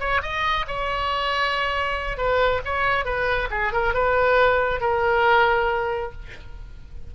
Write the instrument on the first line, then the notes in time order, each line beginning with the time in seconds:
oboe
0.00 C#5
0.22 D#5
0.68 C#5
2.18 B4
2.65 C#5
3.05 B4
3.51 G#4
3.73 A#4
3.94 B4
4.81 A#4